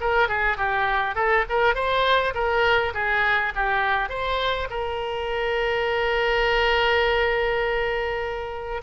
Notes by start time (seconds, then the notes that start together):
0.00 A#4
0.28 G#4
0.57 G4
1.15 A4
1.49 A#4
1.74 C5
2.34 A#4
2.94 G#4
3.55 G4
4.09 C5
4.70 A#4